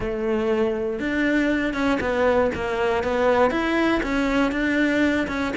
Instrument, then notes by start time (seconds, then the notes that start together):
cello
0.00 A3
0.99 D4
1.73 C#4
2.00 B3
2.54 A#3
3.03 B3
3.50 E4
4.02 C#4
4.51 D4
5.27 C#4